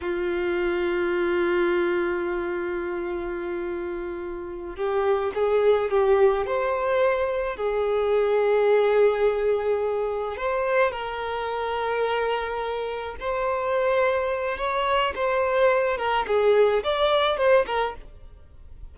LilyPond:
\new Staff \with { instrumentName = "violin" } { \time 4/4 \tempo 4 = 107 f'1~ | f'1~ | f'8 g'4 gis'4 g'4 c''8~ | c''4. gis'2~ gis'8~ |
gis'2~ gis'8 c''4 ais'8~ | ais'2.~ ais'8 c''8~ | c''2 cis''4 c''4~ | c''8 ais'8 gis'4 d''4 c''8 ais'8 | }